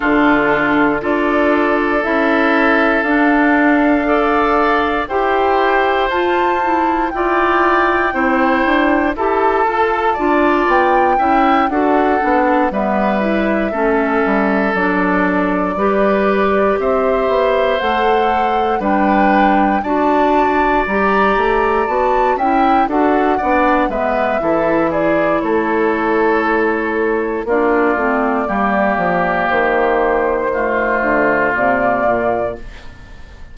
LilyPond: <<
  \new Staff \with { instrumentName = "flute" } { \time 4/4 \tempo 4 = 59 a'4 d''4 e''4 f''4~ | f''4 g''4 a''4 g''4~ | g''4 a''4. g''4 fis''8~ | fis''8 e''2 d''4.~ |
d''8 e''4 fis''4 g''4 a''8~ | a''8 ais''4 a''8 g''8 fis''4 e''8~ | e''8 d''8 cis''2 d''4~ | d''4 c''2 d''4 | }
  \new Staff \with { instrumentName = "oboe" } { \time 4/4 f'4 a'2. | d''4 c''2 d''4 | c''4 a'4 d''4 e''8 a'8~ | a'8 b'4 a'2 b'8~ |
b'8 c''2 b'4 d''8~ | d''2 e''8 a'8 d''8 b'8 | a'8 gis'8 a'2 f'4 | g'2 f'2 | }
  \new Staff \with { instrumentName = "clarinet" } { \time 4/4 d'4 f'4 e'4 d'4 | a'4 g'4 f'8 e'8 f'4 | e'4 g'8 a'8 f'4 e'8 fis'8 | d'8 b8 e'8 cis'4 d'4 g'8~ |
g'4. a'4 d'4 fis'8~ | fis'8 g'4 fis'8 e'8 fis'8 d'8 b8 | e'2. d'8 c'8 | ais2 a4 ais4 | }
  \new Staff \with { instrumentName = "bassoon" } { \time 4/4 d4 d'4 cis'4 d'4~ | d'4 e'4 f'4 e'4 | c'8 d'8 e'8 f'8 d'8 b8 cis'8 d'8 | b8 g4 a8 g8 fis4 g8~ |
g8 c'8 b8 a4 g4 d'8~ | d'8 g8 a8 b8 cis'8 d'8 b8 gis8 | e4 a2 ais8 a8 | g8 f8 dis4. d8 c8 ais,8 | }
>>